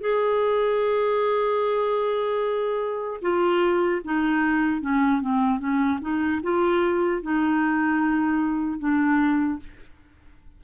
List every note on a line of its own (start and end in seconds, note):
0.00 3.20 G#4
3.21 4.01 F4
4.04 4.81 D#4
4.81 5.21 C#4
5.21 5.59 C4
5.59 5.99 C#4
6.01 6.41 D#4
6.43 7.22 F4
7.22 8.79 D#4
8.79 9.59 D4